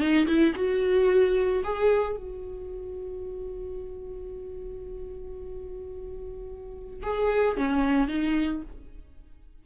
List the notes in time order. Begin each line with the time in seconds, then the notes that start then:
0.00 D#4
0.27 E4
0.56 F#4
1.64 G#4
2.17 F#4
7.03 G#4
7.57 C#4
8.08 D#4